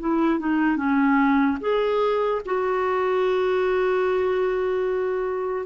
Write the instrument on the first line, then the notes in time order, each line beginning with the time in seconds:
clarinet
0.00 E4
0.39 D#4
0.77 C#4
1.60 G#4
2.45 F#4